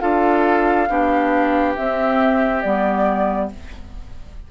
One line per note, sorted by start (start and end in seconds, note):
0.00 0.89 D4
0.00 0.87 F4
0.00 0.89 A4
0.00 1.74 F5
0.89 1.76 B3
0.89 1.76 D4
0.89 3.51 G4
1.76 2.64 C4
1.76 2.61 E5
2.61 3.51 G3
2.61 3.51 B3
2.61 3.48 D5